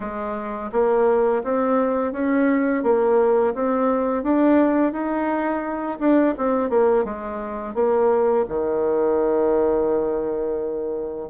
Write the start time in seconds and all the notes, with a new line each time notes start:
0.00 G#3
0.72 A#3
1.43 C4
2.12 C#4
2.83 A#3
3.54 C4
4.23 D4
4.92 D#4
5.99 D4
6.37 C4
6.69 A#3
7.04 G#3
7.74 A#3
8.48 D#3